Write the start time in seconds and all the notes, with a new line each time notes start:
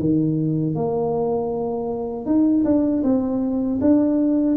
0.00 D#3
0.75 A#3
2.26 D#4
2.65 D4
3.03 C4
3.81 D4